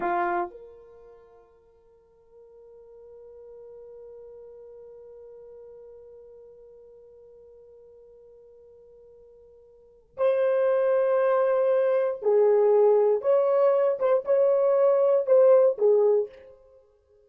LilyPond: \new Staff \with { instrumentName = "horn" } { \time 4/4 \tempo 4 = 118 f'4 ais'2.~ | ais'1~ | ais'1~ | ais'1~ |
ais'1 | c''1 | gis'2 cis''4. c''8 | cis''2 c''4 gis'4 | }